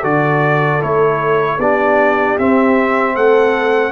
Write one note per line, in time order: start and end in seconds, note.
0.00 0.81 D3
0.00 0.81 F#4
0.00 1.56 A4
0.00 0.82 D5
0.81 1.58 A3
0.81 1.58 E4
0.81 1.60 C#5
1.58 2.36 B3
1.58 2.38 D4
1.58 3.14 G4
1.58 2.38 D5
2.38 3.92 C4
2.38 3.16 C4
2.38 3.16 E5
3.14 3.92 A3
3.14 3.92 A4
3.14 3.92 F#5